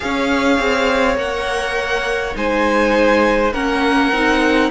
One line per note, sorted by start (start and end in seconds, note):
0.00 0.58 C#4
0.00 1.15 G#4
0.00 2.37 C#5
0.00 1.17 F5
0.58 1.17 C4
1.15 2.35 A#3
1.15 2.32 A#4
1.15 2.36 F#5
2.33 3.53 G#3
2.33 3.51 D#4
2.33 3.53 C5
2.33 3.53 G#5
3.53 4.12 A#3
3.53 4.12 C#4
3.53 4.70 A#4
3.53 4.70 F#5
4.12 4.70 C4
4.12 4.70 D#4